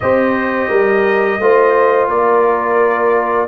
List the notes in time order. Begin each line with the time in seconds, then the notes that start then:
0.00 C4 G4 C5 D#5
0.69 G3 A#4
1.39 A3 F4 C5
2.08 A#3 A#4 D5